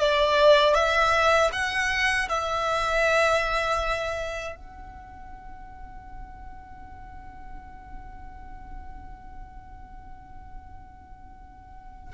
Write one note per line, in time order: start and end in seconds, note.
0.00 0.75 D5
0.75 1.51 E5
1.53 2.29 F#5
2.29 4.56 E5
4.56 12.14 F#5